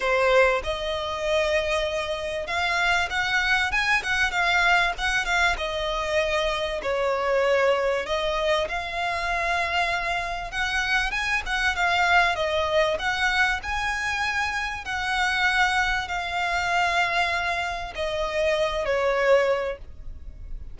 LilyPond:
\new Staff \with { instrumentName = "violin" } { \time 4/4 \tempo 4 = 97 c''4 dis''2. | f''4 fis''4 gis''8 fis''8 f''4 | fis''8 f''8 dis''2 cis''4~ | cis''4 dis''4 f''2~ |
f''4 fis''4 gis''8 fis''8 f''4 | dis''4 fis''4 gis''2 | fis''2 f''2~ | f''4 dis''4. cis''4. | }